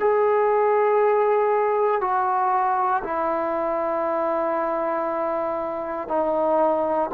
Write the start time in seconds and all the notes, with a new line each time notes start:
0.00 G#4
2.01 F#4
3.04 E4
6.08 D#4